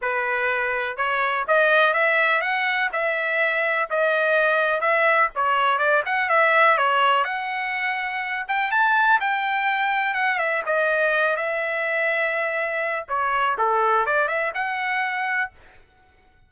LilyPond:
\new Staff \with { instrumentName = "trumpet" } { \time 4/4 \tempo 4 = 124 b'2 cis''4 dis''4 | e''4 fis''4 e''2 | dis''2 e''4 cis''4 | d''8 fis''8 e''4 cis''4 fis''4~ |
fis''4. g''8 a''4 g''4~ | g''4 fis''8 e''8 dis''4. e''8~ | e''2. cis''4 | a'4 d''8 e''8 fis''2 | }